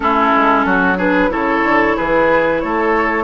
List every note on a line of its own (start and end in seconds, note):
0.00 0.32 A3
0.00 0.97 C#4
0.00 0.65 E4
0.00 0.98 A4
0.35 0.65 G#3
0.65 1.30 F#3
0.65 0.97 F#4
0.97 1.29 D4
0.97 1.30 G#4
0.97 1.31 B4
1.29 1.63 C#3
1.29 3.24 E4
1.29 1.96 A4
1.29 1.97 C#5
1.63 1.96 D3
1.96 2.63 E3
1.96 2.61 G#4
1.96 2.60 B4
2.60 3.24 A3
2.60 3.24 A4
2.60 3.24 C#5